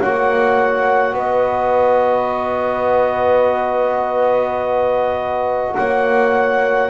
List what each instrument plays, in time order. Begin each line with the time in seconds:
0.00 double bass A#3, trombone F#4, horn C#5, clarinet F#5
1.14 double bass B3, horn B4, clarinet D#5
5.75 double bass A#3, horn C#5, clarinet F#5